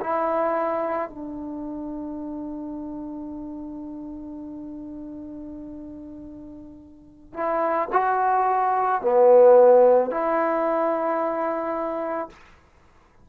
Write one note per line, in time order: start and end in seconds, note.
0.00 1.09 E4
1.09 7.33 D4
7.33 7.88 E4
7.92 9.01 F#4
9.01 10.11 B3
10.11 12.29 E4